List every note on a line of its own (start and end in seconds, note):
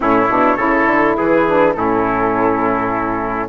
0.00 0.29 A2
0.00 0.28 C#4
0.00 0.57 E4
0.00 1.17 C#5
0.29 0.56 B2
0.29 0.58 D4
0.56 0.85 C#3
0.56 1.45 E4
0.56 1.15 A4
0.86 1.15 D3
1.17 1.75 E3
1.17 1.75 G#4
1.17 1.73 B4
1.46 1.74 D4
1.73 3.49 A2
1.73 3.49 C#4
1.73 3.49 E4
1.73 3.48 A4